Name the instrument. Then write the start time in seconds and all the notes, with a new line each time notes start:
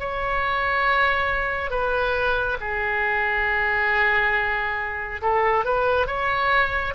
oboe
0.00 C#5
1.71 B4
2.60 G#4
5.22 A4
5.65 B4
6.07 C#5